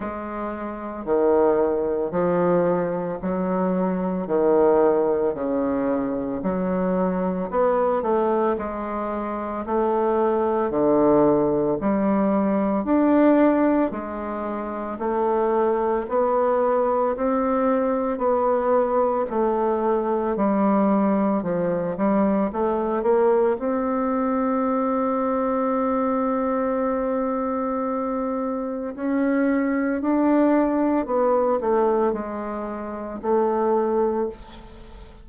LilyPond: \new Staff \with { instrumentName = "bassoon" } { \time 4/4 \tempo 4 = 56 gis4 dis4 f4 fis4 | dis4 cis4 fis4 b8 a8 | gis4 a4 d4 g4 | d'4 gis4 a4 b4 |
c'4 b4 a4 g4 | f8 g8 a8 ais8 c'2~ | c'2. cis'4 | d'4 b8 a8 gis4 a4 | }